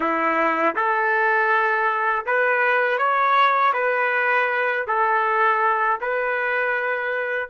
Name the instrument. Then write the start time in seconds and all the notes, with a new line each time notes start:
trumpet
0.00 E4
0.75 A4
2.25 B4
2.98 C#5
3.73 B4
4.87 A4
6.00 B4